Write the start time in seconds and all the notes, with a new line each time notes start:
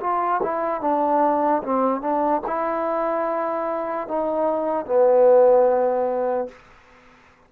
0.00 F4
0.42 E4
0.81 D4
1.63 C4
2.01 D4
2.47 E4
4.08 D#4
4.86 B3